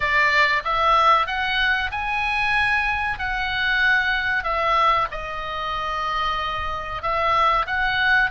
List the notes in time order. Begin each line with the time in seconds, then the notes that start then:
0.00 D5
0.64 E5
1.26 F#5
1.91 G#5
3.19 F#5
4.43 E5
5.11 D#5
7.02 E5
7.66 F#5